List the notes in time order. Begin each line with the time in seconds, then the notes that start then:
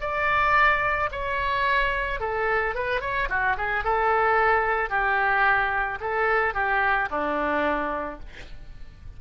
0.00 D5
1.11 C#5
2.20 A4
2.74 B4
3.00 C#5
3.29 F#4
3.57 G#4
3.84 A4
4.89 G4
6.00 A4
6.54 G4
7.10 D4